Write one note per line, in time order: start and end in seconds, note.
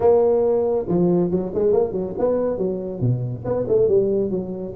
0.00 0.86 A#3
0.88 1.30 F3
1.30 1.52 F#3
1.54 1.72 G#3
1.72 1.91 A#3
1.91 2.13 F#3
2.18 2.57 B3
2.57 3.00 F#3
3.00 3.43 B2
3.44 3.66 B3
3.67 3.87 A3
3.87 4.30 G3
4.30 4.73 F#3